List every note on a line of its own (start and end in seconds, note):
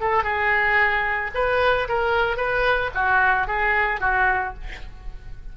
0.00 0.23 A4
0.23 1.31 G#4
1.34 1.88 B4
1.88 2.37 A#4
2.37 2.90 B4
2.94 3.47 F#4
3.47 4.00 G#4
4.00 4.54 F#4